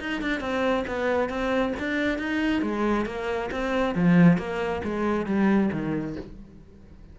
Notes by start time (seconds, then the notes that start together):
0.00 D#4
0.22 D4
0.41 C4
0.88 B3
1.30 C4
1.79 D4
2.19 D#4
2.62 G#3
3.06 A#3
3.52 C4
3.95 F3
4.38 A#3
4.84 G#3
5.26 G3
5.73 D#3